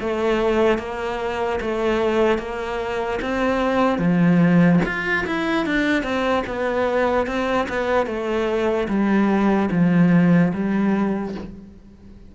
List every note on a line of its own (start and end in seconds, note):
0.00 0.79 A3
0.79 1.60 A#3
1.61 2.38 A3
2.38 3.20 A#3
3.22 3.98 C4
3.98 4.79 F3
4.85 5.26 F4
5.26 5.66 E4
5.66 6.03 D4
6.03 6.43 C4
6.46 7.27 B3
7.27 7.67 C4
7.68 8.06 B3
8.06 8.87 A3
8.88 9.69 G3
9.71 10.52 F3
10.54 11.35 G3